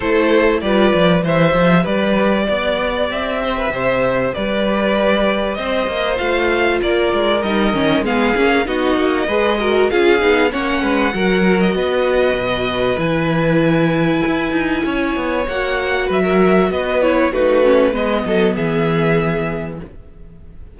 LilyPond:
<<
  \new Staff \with { instrumentName = "violin" } { \time 4/4 \tempo 4 = 97 c''4 d''4 e''4 d''4~ | d''4 e''2 d''4~ | d''4 dis''4 f''4 d''4 | dis''4 f''4 dis''2 |
f''4 fis''4.~ fis''16 dis''4~ dis''16~ | dis''4 gis''2.~ | gis''4 fis''4 e''4 dis''8 cis''8 | b'4 dis''4 e''2 | }
  \new Staff \with { instrumentName = "violin" } { \time 4/4 a'4 b'4 c''4 b'4 | d''4. c''16 b'16 c''4 b'4~ | b'4 c''2 ais'4~ | ais'4 gis'4 fis'4 b'8 ais'8 |
gis'4 cis''8 b'8 ais'4 b'4~ | b'1 | cis''2 b'16 ais'8. b'4 | fis'4 b'8 a'8 gis'2 | }
  \new Staff \with { instrumentName = "viola" } { \time 4/4 e'4 f'4 g'2~ | g'1~ | g'2 f'2 | dis'8 cis'8 b8 cis'8 dis'4 gis'8 fis'8 |
f'8 dis'8 cis'4 fis'2~ | fis'4 e'2.~ | e'4 fis'2~ fis'8 e'8 | dis'8 cis'8 b2. | }
  \new Staff \with { instrumentName = "cello" } { \time 4/4 a4 g8 f8 e8 f8 g4 | b4 c'4 c4 g4~ | g4 c'8 ais8 a4 ais8 gis8 | g8 dis8 gis8 ais8 b8 ais8 gis4 |
cis'8 b8 ais8 gis8 fis4 b4 | b,4 e2 e'8 dis'8 | cis'8 b8 ais4 fis4 b4 | a4 gis8 fis8 e2 | }
>>